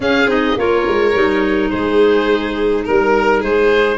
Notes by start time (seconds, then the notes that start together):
0.00 C#4 G#4 F5
0.26 C4 D#4 D#5
0.57 A#3 F4 A#4 C#5
0.87 G#3
1.14 G3 D#4
1.69 G#3 G#4 C5
2.84 G3 A#4
3.40 G#3 G#4 C5